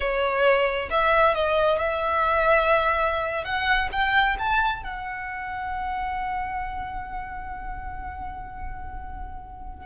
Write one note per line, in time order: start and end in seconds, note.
0.00 0.89 C#5
0.90 1.35 E5
1.35 1.78 D#5
1.78 3.44 E5
3.44 3.89 F#5
3.92 4.37 G5
4.38 4.83 A5
4.83 9.86 F#5